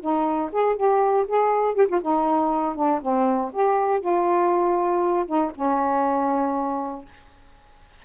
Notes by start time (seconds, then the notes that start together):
0.00 D#4
0.52 G#4
0.75 G4
1.27 G#4
1.74 G4
1.88 F4
2.01 D#4
2.75 D4
3.01 C4
3.52 G4
4.00 F4
5.26 D#4
5.55 C#4